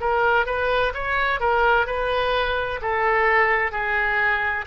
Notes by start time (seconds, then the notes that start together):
0.00 A#4
0.46 B4
0.94 C#5
1.40 A#4
1.86 B4
2.81 A4
3.71 G#4